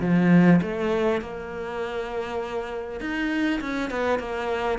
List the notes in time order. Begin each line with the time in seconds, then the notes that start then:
0.00 F3
0.61 A3
1.21 A#3
3.00 D#4
3.60 C#4
3.90 B3
4.19 A#3